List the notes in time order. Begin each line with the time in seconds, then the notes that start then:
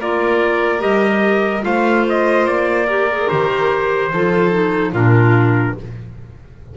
0.00 A#3 F4 A#4 D5
0.79 G3 G4 D#5
1.62 A3 F4 C5 F5
2.09 D#5
2.45 A#3 D5
2.86 G4 A#4
3.11 G#4
3.29 D#3 G4 C5
4.13 F3 F4 A4
4.51 D#4
4.92 A#2 D4 F4 A#4